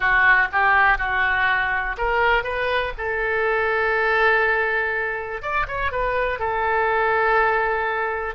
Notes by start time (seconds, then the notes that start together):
0.00 F#4
0.52 G4
0.98 F#4
1.97 A#4
2.43 B4
2.97 A4
5.42 D5
5.67 C#5
5.92 B4
6.39 A4